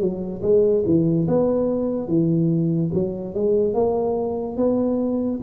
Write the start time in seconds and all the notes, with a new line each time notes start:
0.00 F#3
0.42 G#3
0.86 E3
1.28 B3
2.08 E3
2.94 F#3
3.34 G#3
3.74 A#3
4.57 B3